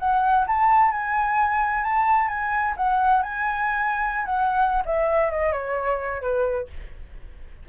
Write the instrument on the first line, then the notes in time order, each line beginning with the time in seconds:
flute
0.00 F#5
0.48 A5
0.92 G#5
1.84 A5
2.29 G#5
2.77 F#5
3.23 G#5
4.26 F#5
4.86 E5
5.31 D#5
5.53 C#5
6.22 B4